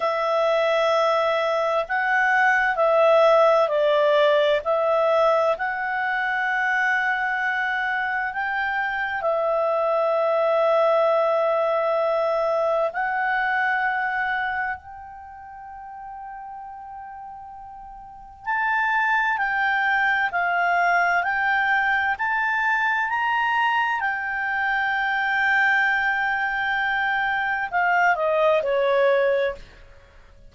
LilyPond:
\new Staff \with { instrumentName = "clarinet" } { \time 4/4 \tempo 4 = 65 e''2 fis''4 e''4 | d''4 e''4 fis''2~ | fis''4 g''4 e''2~ | e''2 fis''2 |
g''1 | a''4 g''4 f''4 g''4 | a''4 ais''4 g''2~ | g''2 f''8 dis''8 cis''4 | }